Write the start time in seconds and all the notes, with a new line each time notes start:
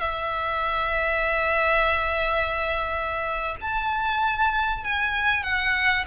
0.00 E5
3.61 A5
4.84 G#5
5.43 F#5